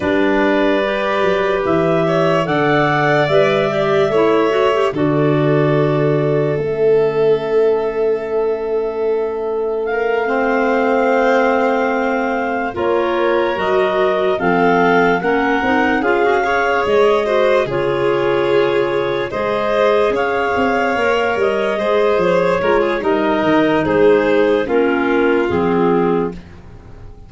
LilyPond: <<
  \new Staff \with { instrumentName = "clarinet" } { \time 4/4 \tempo 4 = 73 d''2 e''4 fis''4 | e''2 d''2 | e''1 | f''2.~ f''8 cis''8~ |
cis''8 dis''4 f''4 fis''4 f''8~ | f''8 dis''4 cis''2 dis''8~ | dis''8 f''4. dis''4 cis''4 | dis''4 c''4 ais'4 gis'4 | }
  \new Staff \with { instrumentName = "violin" } { \time 4/4 b'2~ b'8 cis''8 d''4~ | d''4 cis''4 a'2~ | a'1 | ais'8 c''2. ais'8~ |
ais'4. a'4 ais'4 gis'8 | cis''4 c''8 gis'2 c''8~ | c''8 cis''2 c''4 ais'16 gis'16 | ais'4 gis'4 f'2 | }
  \new Staff \with { instrumentName = "clarinet" } { \time 4/4 d'4 g'2 a'4 | b'8 g'8 e'8 fis'16 g'16 fis'2 | cis'1~ | cis'8 c'2. f'8~ |
f'8 fis'4 c'4 cis'8 dis'8 f'16 fis'16 | gis'4 fis'8 f'2 gis'8~ | gis'4. ais'4 gis'4 f'8 | dis'2 cis'4 c'4 | }
  \new Staff \with { instrumentName = "tuba" } { \time 4/4 g4. fis8 e4 d4 | g4 a4 d2 | a1~ | a2.~ a8 ais8~ |
ais8 fis4 f4 ais8 c'8 cis'8~ | cis'8 gis4 cis2 gis8~ | gis8 cis'8 c'8 ais8 g8 gis8 f8 gis8 | g8 dis8 gis4 ais4 f4 | }
>>